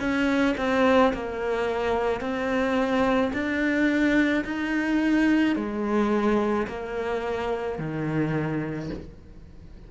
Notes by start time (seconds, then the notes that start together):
0.00 C#4
0.58 C4
1.14 A#3
2.21 C4
3.33 D4
4.45 D#4
5.56 G#3
6.68 A#3
7.79 D#3